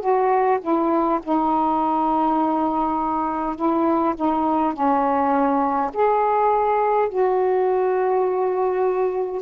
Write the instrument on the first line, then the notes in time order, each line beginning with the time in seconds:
saxophone
0.00 F#4
0.61 E4
1.22 D#4
3.56 E4
4.15 D#4
4.73 C#4
5.93 G#4
7.09 F#4